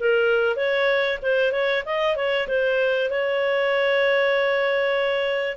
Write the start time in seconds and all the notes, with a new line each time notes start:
0.00 A#4
0.57 C#5
1.22 C5
1.53 C#5
1.86 D#5
2.16 C#5
2.48 C5
3.11 C#5